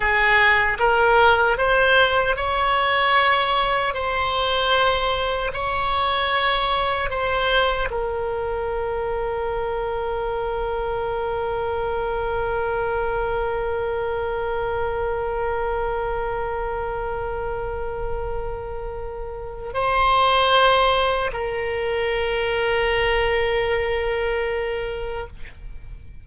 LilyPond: \new Staff \with { instrumentName = "oboe" } { \time 4/4 \tempo 4 = 76 gis'4 ais'4 c''4 cis''4~ | cis''4 c''2 cis''4~ | cis''4 c''4 ais'2~ | ais'1~ |
ais'1~ | ais'1~ | ais'4 c''2 ais'4~ | ais'1 | }